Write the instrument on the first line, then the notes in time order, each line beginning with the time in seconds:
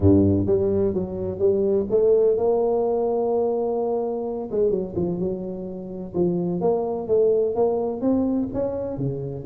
tuba
0.00 G2
0.46 G3
0.94 F#3
1.39 G3
1.90 A3
2.37 A#3
4.51 G#3
4.70 F#3
4.96 F3
5.19 F#3
6.14 F3
6.60 A#3
7.07 A3
7.55 A#3
8.01 C4
8.53 C#4
8.97 C#3